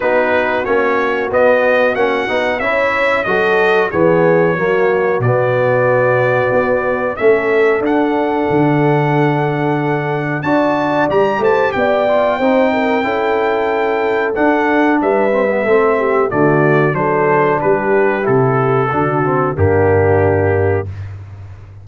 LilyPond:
<<
  \new Staff \with { instrumentName = "trumpet" } { \time 4/4 \tempo 4 = 92 b'4 cis''4 dis''4 fis''4 | e''4 dis''4 cis''2 | d''2. e''4 | fis''1 |
a''4 ais''8 a''8 g''2~ | g''2 fis''4 e''4~ | e''4 d''4 c''4 b'4 | a'2 g'2 | }
  \new Staff \with { instrumentName = "horn" } { \time 4/4 fis'1 | cis''4 a'4 gis'4 fis'4~ | fis'2. a'4~ | a'1 |
d''4. c''8 d''4 c''8 ais'8 | a'2. b'4 | a'8 g'8 fis'4 a'4 g'4~ | g'4 fis'4 d'2 | }
  \new Staff \with { instrumentName = "trombone" } { \time 4/4 dis'4 cis'4 b4 cis'8 dis'8 | e'4 fis'4 b4 ais4 | b2. cis'4 | d'1 |
fis'4 g'4. f'8 dis'4 | e'2 d'4. c'16 b16 | c'4 a4 d'2 | e'4 d'8 c'8 ais2 | }
  \new Staff \with { instrumentName = "tuba" } { \time 4/4 b4 ais4 b4 ais8 b8 | cis'4 fis4 e4 fis4 | b,2 b4 a4 | d'4 d2. |
d'4 g8 a8 b4 c'4 | cis'2 d'4 g4 | a4 d4 fis4 g4 | c4 d4 g,2 | }
>>